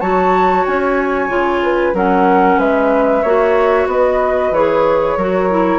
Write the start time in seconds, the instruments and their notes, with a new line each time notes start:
0.00 bassoon F#3, clarinet F#4, flute C#5 A5
0.66 bassoon C#4, flute G#5
1.28 bassoon C#3, clarinet F4
1.63 flute B4
1.93 bassoon F#3, clarinet C#4, flute A#4 F#5
2.58 bassoon G#3, flute B4 E5
3.23 bassoon A#3, clarinet F#4, flute C#5
3.86 bassoon B3, flute B4 D#5
4.51 bassoon E3, clarinet G#4, flute C#5
5.17 bassoon F#3, clarinet F#4, flute A#4
5.50 clarinet E4